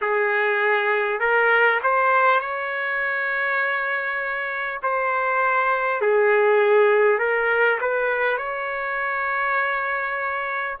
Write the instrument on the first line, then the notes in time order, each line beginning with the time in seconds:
trumpet
0.01 G#4
1.19 A#4
1.83 C5
2.40 C#5
4.83 C5
6.01 G#4
7.18 A#4
7.81 B4
8.37 C#5